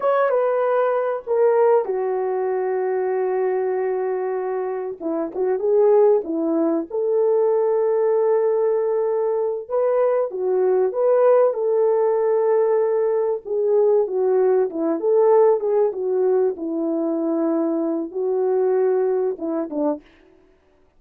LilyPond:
\new Staff \with { instrumentName = "horn" } { \time 4/4 \tempo 4 = 96 cis''8 b'4. ais'4 fis'4~ | fis'1 | e'8 fis'8 gis'4 e'4 a'4~ | a'2.~ a'8 b'8~ |
b'8 fis'4 b'4 a'4.~ | a'4. gis'4 fis'4 e'8 | a'4 gis'8 fis'4 e'4.~ | e'4 fis'2 e'8 d'8 | }